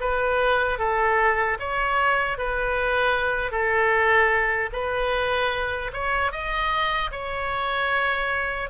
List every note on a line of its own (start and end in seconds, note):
0.00 0.79 B4
0.79 1.58 A4
1.59 2.38 C#5
2.38 3.51 B4
3.51 4.70 A4
4.73 5.91 B4
5.93 6.32 C#5
6.32 7.11 D#5
7.11 8.69 C#5